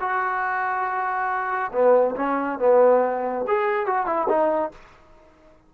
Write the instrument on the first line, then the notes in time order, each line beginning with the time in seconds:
trombone
0.00 F#4
1.72 B3
2.16 C#4
2.59 B3
3.47 G#4
3.86 F#4
4.06 E4
4.29 D#4